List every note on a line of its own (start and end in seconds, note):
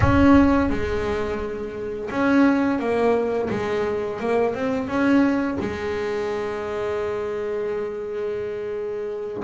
0.00 0.69 C#4
0.69 2.09 G#3
2.09 2.79 C#4
2.79 3.49 A#3
3.50 4.20 G#3
4.20 4.54 A#3
4.54 4.87 C4
4.87 5.57 C#4
5.59 9.43 G#3